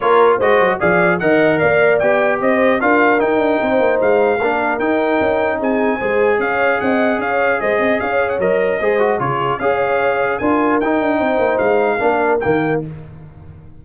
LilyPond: <<
  \new Staff \with { instrumentName = "trumpet" } { \time 4/4 \tempo 4 = 150 cis''4 dis''4 f''4 fis''4 | f''4 g''4 dis''4 f''4 | g''2 f''2 | g''2 gis''2 |
f''4 fis''4 f''4 dis''4 | f''8. fis''16 dis''2 cis''4 | f''2 gis''4 g''4~ | g''4 f''2 g''4 | }
  \new Staff \with { instrumentName = "horn" } { \time 4/4 ais'4 c''4 d''4 dis''4 | d''2 c''4 ais'4~ | ais'4 c''2 ais'4~ | ais'2 gis'4 c''4 |
cis''4 dis''4 cis''4 c''8 dis''8 | cis''2 c''4 gis'4 | cis''2 ais'2 | c''2 ais'2 | }
  \new Staff \with { instrumentName = "trombone" } { \time 4/4 f'4 fis'4 gis'4 ais'4~ | ais'4 g'2 f'4 | dis'2. d'4 | dis'2. gis'4~ |
gis'1~ | gis'4 ais'4 gis'8 fis'8 f'4 | gis'2 f'4 dis'4~ | dis'2 d'4 ais4 | }
  \new Staff \with { instrumentName = "tuba" } { \time 4/4 ais4 gis8 fis8 f4 dis4 | ais4 b4 c'4 d'4 | dis'8 d'8 c'8 ais8 gis4 ais4 | dis'4 cis'4 c'4 gis4 |
cis'4 c'4 cis'4 gis8 c'8 | cis'4 fis4 gis4 cis4 | cis'2 d'4 dis'8 d'8 | c'8 ais8 gis4 ais4 dis4 | }
>>